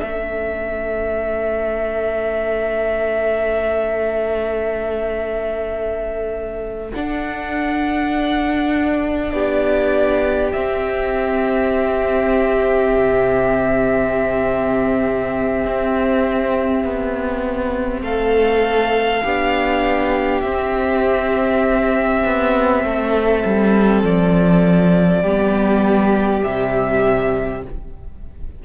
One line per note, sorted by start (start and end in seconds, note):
0.00 6.92 A3
0.00 6.93 C#4
0.00 9.32 A4
0.00 6.90 E5
6.94 10.54 D4
6.94 9.33 D4
6.94 9.30 F#5
9.30 10.53 B3
9.30 18.04 G4
9.30 10.50 D5
10.53 12.94 C4
10.53 19.25 C4
10.53 18.02 E5
12.96 15.65 C3
15.65 16.84 C4
16.84 18.01 B3
18.01 19.21 A3
18.01 19.24 A4
18.01 20.41 F5
19.24 20.43 B3
19.24 20.45 D4
19.24 22.84 G4
20.41 22.23 C4
20.41 25.25 C4
20.41 24.02 E5
22.25 22.84 B3
22.84 23.44 A3
22.84 25.21 A4
23.45 24.03 G3
24.03 25.23 F3
24.03 26.43 D5
25.21 26.43 G3
25.21 26.44 B3
25.21 27.62 G4
26.43 27.65 C3
26.43 27.64 G3
26.43 27.62 E5